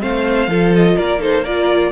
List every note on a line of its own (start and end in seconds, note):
0.00 0.47 A3
0.00 0.48 C4
0.00 0.49 C5
0.00 0.73 F5
0.47 0.95 F3
0.47 1.19 F4
0.47 0.97 A4
0.75 0.97 D#5
0.97 1.92 A#3
0.97 1.20 A#4
0.97 1.21 D5
1.19 1.43 D#4
1.19 1.44 A4
1.19 1.45 C5
1.44 1.92 F4
1.44 1.92 A#4
1.44 1.92 D5